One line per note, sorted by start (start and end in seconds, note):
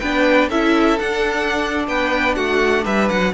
0.00 0.49 B3
0.00 0.52 D4
0.00 0.50 B4
0.00 0.50 G5
0.49 0.99 C#4
0.49 0.99 E4
0.49 1.86 A4
0.49 1.00 E5
0.99 3.34 D4
0.99 1.88 D4
0.99 1.86 F#5
1.88 2.37 B3
1.88 2.36 B4
1.88 2.36 G5
2.36 2.86 A3
2.36 2.85 F#4
2.36 2.85 F#5
2.85 3.10 G3
2.85 3.34 B4
2.85 3.09 E5
3.09 3.34 F#3
3.09 3.34 F#5